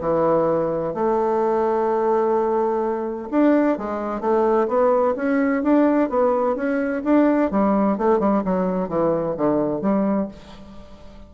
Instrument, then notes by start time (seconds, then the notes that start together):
bassoon
0.00 E3
0.94 A3
3.30 D4
3.78 G#3
4.20 A3
4.67 B3
5.16 C#4
5.62 D4
6.09 B3
6.55 C#4
7.04 D4
7.51 G3
7.97 A3
8.19 G3
8.44 F#3
8.88 E3
9.37 D3
9.81 G3